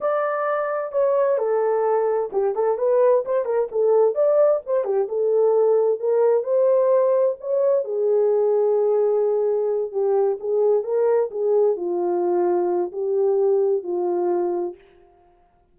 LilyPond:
\new Staff \with { instrumentName = "horn" } { \time 4/4 \tempo 4 = 130 d''2 cis''4 a'4~ | a'4 g'8 a'8 b'4 c''8 ais'8 | a'4 d''4 c''8 g'8 a'4~ | a'4 ais'4 c''2 |
cis''4 gis'2.~ | gis'4. g'4 gis'4 ais'8~ | ais'8 gis'4 f'2~ f'8 | g'2 f'2 | }